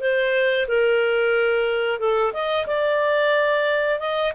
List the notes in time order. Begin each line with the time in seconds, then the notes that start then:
0.00 C5
0.68 A#4
1.99 A4
2.33 D#5
2.66 D5
3.99 D#5